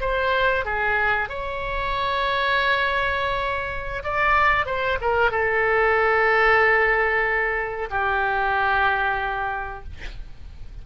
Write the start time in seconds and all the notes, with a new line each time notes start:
0.00 C5
0.65 G#4
1.29 C#5
4.04 D5
4.66 C5
5.01 A#4
5.30 A4
7.90 G4